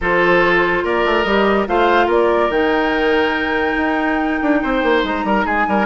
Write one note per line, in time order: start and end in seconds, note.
0.00 0.84 F3
0.00 1.26 F4
0.00 0.84 A4
0.00 0.85 C5
0.84 1.05 A#3
0.84 1.68 A#4
0.84 1.23 D5
1.05 1.24 A3
1.23 1.66 G3
1.23 1.67 G4
1.23 1.65 D#5
1.67 2.07 A3
1.67 2.51 F4
1.67 2.06 C5
1.67 2.09 F5
2.06 2.49 A#3
2.06 4.58 A#4
2.06 2.51 D5
2.49 3.75 D#3
2.49 5.85 D#4
2.49 5.03 G5
3.77 4.40 D#4
4.42 4.63 D4
4.62 4.83 C4
4.62 5.25 C5
4.83 5.03 A#3
5.03 5.24 G#3
5.03 5.46 A#5
5.24 5.44 G3
5.24 5.45 A#4
5.45 5.66 G#3
5.45 5.66 G#4
5.45 5.85 G#5
5.67 5.85 G3
5.67 5.85 A#4